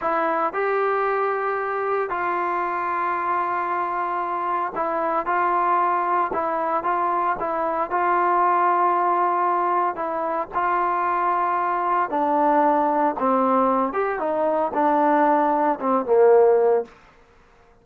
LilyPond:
\new Staff \with { instrumentName = "trombone" } { \time 4/4 \tempo 4 = 114 e'4 g'2. | f'1~ | f'4 e'4 f'2 | e'4 f'4 e'4 f'4~ |
f'2. e'4 | f'2. d'4~ | d'4 c'4. g'8 dis'4 | d'2 c'8 ais4. | }